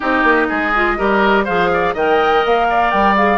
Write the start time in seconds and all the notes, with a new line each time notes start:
0.00 C4 D#4 G4 D#5
0.23 A#3
0.48 G#3 G#4
0.75 F4
0.97 G3 G4 A#4
1.44 F3 G#4 C5 F5
1.73 D5
1.94 D#3 A#4 D#5 G5
2.45 A#3 F5
2.69 D5
2.90 G3 G5
3.16 G#4 F5